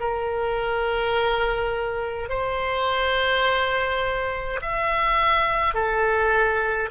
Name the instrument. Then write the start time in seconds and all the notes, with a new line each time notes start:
oboe
0.00 A#4
2.29 C5
4.62 E5
5.74 A4